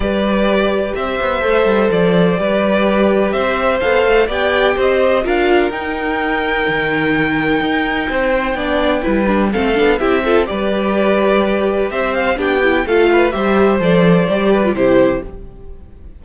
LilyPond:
<<
  \new Staff \with { instrumentName = "violin" } { \time 4/4 \tempo 4 = 126 d''2 e''2 | d''2. e''4 | f''4 g''4 dis''4 f''4 | g''1~ |
g''1 | f''4 e''4 d''2~ | d''4 e''8 f''8 g''4 f''4 | e''4 d''2 c''4 | }
  \new Staff \with { instrumentName = "violin" } { \time 4/4 b'2 c''2~ | c''4 b'2 c''4~ | c''4 d''4 c''4 ais'4~ | ais'1~ |
ais'4 c''4 d''4 b'4 | a'4 g'8 a'8 b'2~ | b'4 c''4 g'4 a'8 b'8 | c''2~ c''8 b'8 g'4 | }
  \new Staff \with { instrumentName = "viola" } { \time 4/4 g'2. a'4~ | a'4 g'2. | a'4 g'2 f'4 | dis'1~ |
dis'2 d'4 e'8 d'8 | c'8 d'8 e'8 f'8 g'2~ | g'2 d'8 e'8 f'4 | g'4 a'4 g'8. f'16 e'4 | }
  \new Staff \with { instrumentName = "cello" } { \time 4/4 g2 c'8 b8 a8 g8 | f4 g2 c'4 | b8 a8 b4 c'4 d'4 | dis'2 dis2 |
dis'4 c'4 b4 g4 | a8 b8 c'4 g2~ | g4 c'4 b4 a4 | g4 f4 g4 c4 | }
>>